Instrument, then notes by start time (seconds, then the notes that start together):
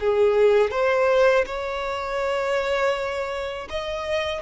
violin
0.00 G#4
0.71 C5
1.46 C#5
3.70 D#5